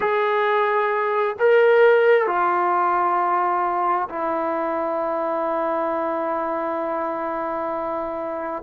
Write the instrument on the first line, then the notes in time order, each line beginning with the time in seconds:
trombone
0.00 G#4
1.39 A#4
2.26 F4
4.09 E4